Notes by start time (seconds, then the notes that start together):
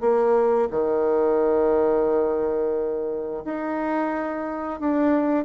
0.00 A#3
0.71 D#3
3.45 D#4
4.80 D4